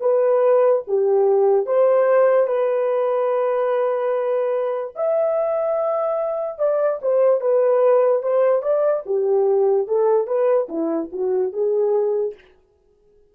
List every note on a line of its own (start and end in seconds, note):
0.00 0.82 B4
0.87 1.66 G4
1.66 2.47 C5
2.47 4.93 B4
4.95 6.58 E5
6.58 6.99 D5
7.02 7.40 C5
7.40 8.22 B4
8.22 8.62 C5
8.62 9.03 D5
9.06 9.87 G4
9.87 10.27 A4
10.27 10.68 B4
10.68 11.10 E4
11.12 11.52 F#4
11.52 12.34 G#4